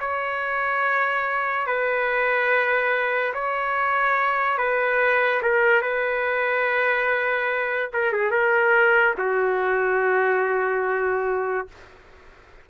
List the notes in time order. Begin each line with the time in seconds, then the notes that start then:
0.00 C#5
1.67 B4
3.34 C#5
4.58 B4
5.42 A#4
5.82 B4
7.93 A#4
8.12 G#4
8.31 A#4
9.17 F#4